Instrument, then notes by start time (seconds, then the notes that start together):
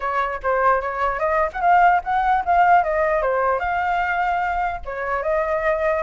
flute
0.00 C#5
0.42 C5
0.81 C#5
1.19 D#5
1.52 F#5
1.61 F5
2.03 F#5
2.45 F5
2.83 D#5
3.21 C5
3.59 F5
4.85 C#5
5.23 D#5